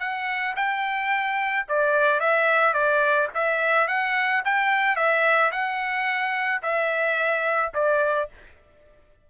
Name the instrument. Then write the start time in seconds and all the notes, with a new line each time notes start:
trumpet
0.00 F#5
0.56 G5
1.69 D5
2.20 E5
2.74 D5
3.35 E5
3.88 F#5
4.45 G5
4.96 E5
5.52 F#5
6.63 E5
7.74 D5